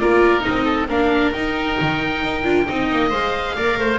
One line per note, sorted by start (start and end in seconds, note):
0.00 0.46 A#3
0.00 0.40 F4
0.00 0.65 A#4
0.00 0.42 D5
0.40 0.85 D#4
0.40 0.87 D#5
0.49 0.89 C4
0.65 0.87 A4
0.89 1.34 A#3
0.89 1.34 D4
0.89 2.67 A#4
0.89 1.33 F5
1.33 1.78 D#4
1.33 2.44 D#4
1.33 3.11 G5
1.81 2.24 D#3
2.24 2.44 D#4
2.44 2.66 D4
2.44 2.66 F4
2.67 2.91 C4
2.67 3.10 D#4
2.67 3.56 D#5
2.91 3.12 A#3
3.10 3.57 G#3
3.10 3.54 C5
3.10 3.99 F5
3.56 3.78 A#3
3.56 3.99 A#4
3.56 3.79 D5
3.78 3.99 A3
3.78 3.99 C5